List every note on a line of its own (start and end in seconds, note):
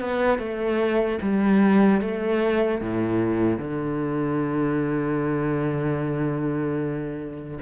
0.00 0.39 B3
0.39 1.19 A3
1.22 2.01 G3
2.01 2.81 A3
2.81 3.58 A2
3.58 7.58 D3